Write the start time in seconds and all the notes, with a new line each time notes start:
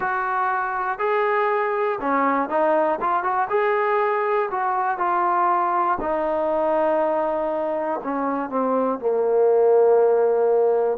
0.00 F#4
0.99 G#4
2.00 C#4
2.49 D#4
3.00 F4
3.23 F#4
3.50 G#4
4.50 F#4
4.97 F4
6.00 D#4
8.03 C#4
8.50 C4
8.99 A#3